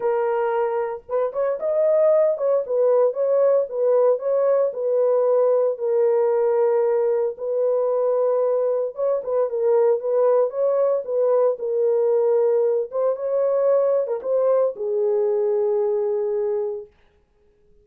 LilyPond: \new Staff \with { instrumentName = "horn" } { \time 4/4 \tempo 4 = 114 ais'2 b'8 cis''8 dis''4~ | dis''8 cis''8 b'4 cis''4 b'4 | cis''4 b'2 ais'4~ | ais'2 b'2~ |
b'4 cis''8 b'8 ais'4 b'4 | cis''4 b'4 ais'2~ | ais'8 c''8 cis''4.~ cis''16 ais'16 c''4 | gis'1 | }